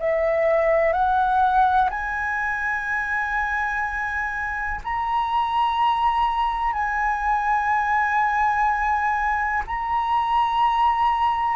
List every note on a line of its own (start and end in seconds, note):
0.00 0.93 E5
0.93 1.90 F#5
1.90 4.81 G#5
4.84 6.73 A#5
6.73 9.63 G#5
9.67 11.56 A#5